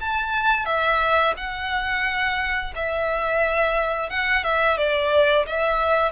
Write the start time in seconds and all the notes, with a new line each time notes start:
0.00 A5
0.65 E5
1.37 F#5
2.75 E5
4.09 F#5
4.43 E5
4.77 D5
5.46 E5